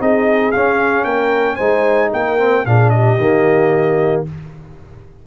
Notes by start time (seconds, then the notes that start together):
0.00 C4 D#4 G#4 D#5
0.52 C#4 F5
1.05 A#3 A#4 G5
1.56 G#3 D#4 C5 G#5
2.13 A#3 A#4 G5
2.39 C4
2.66 A#2 D4 G#4 F5
2.90 G4 D#5
3.18 D#3 A#3